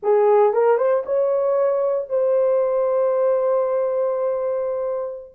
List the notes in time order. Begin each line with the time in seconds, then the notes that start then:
0.03 G#4
0.53 A#4
0.77 C5
1.05 C#5
2.09 C5